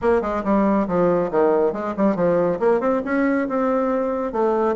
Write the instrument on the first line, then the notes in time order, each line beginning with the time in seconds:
bassoon
0.01 A#3
0.21 G#3
0.44 G3
0.87 F3
1.31 D#3
1.72 G#3
1.96 G3
2.15 F3
2.59 A#3
2.80 C4
3.05 C#4
3.48 C4
4.32 A3